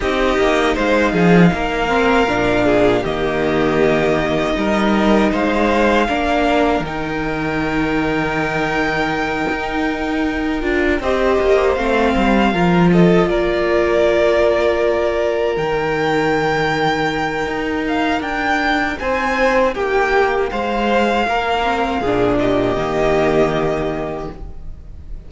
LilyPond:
<<
  \new Staff \with { instrumentName = "violin" } { \time 4/4 \tempo 4 = 79 dis''4 f''2. | dis''2. f''4~ | f''4 g''2.~ | g''2~ g''8 dis''4 f''8~ |
f''4 dis''8 d''2~ d''8~ | d''8 g''2. f''8 | g''4 gis''4 g''4 f''4~ | f''4. dis''2~ dis''8 | }
  \new Staff \with { instrumentName = "violin" } { \time 4/4 g'4 c''8 gis'8 ais'4. gis'8 | g'2 ais'4 c''4 | ais'1~ | ais'2~ ais'8 c''4.~ |
c''8 ais'8 a'8 ais'2~ ais'8~ | ais'1~ | ais'4 c''4 g'4 c''4 | ais'4 gis'8 g'2~ g'8 | }
  \new Staff \with { instrumentName = "viola" } { \time 4/4 dis'2~ dis'8 c'8 d'4 | ais2 dis'2 | d'4 dis'2.~ | dis'2 f'8 g'4 c'8~ |
c'8 f'2.~ f'8~ | f'8 dis'2.~ dis'8~ | dis'1~ | dis'8 c'8 d'4 ais2 | }
  \new Staff \with { instrumentName = "cello" } { \time 4/4 c'8 ais8 gis8 f8 ais4 ais,4 | dis2 g4 gis4 | ais4 dis2.~ | dis8 dis'4. d'8 c'8 ais8 a8 |
g8 f4 ais2~ ais8~ | ais8 dis2~ dis8 dis'4 | d'4 c'4 ais4 gis4 | ais4 ais,4 dis2 | }
>>